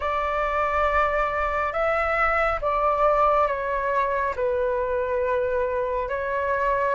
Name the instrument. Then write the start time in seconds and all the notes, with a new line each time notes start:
flute
0.00 D5
1.72 E5
2.61 D5
3.47 C#5
4.36 B4
6.08 C#5